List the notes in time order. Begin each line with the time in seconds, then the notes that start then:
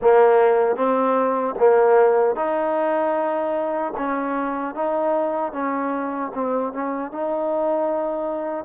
0.01 A#3
0.75 C4
1.59 A#3
2.35 D#4
3.97 C#4
4.74 D#4
5.52 C#4
6.34 C4
6.72 C#4
7.11 D#4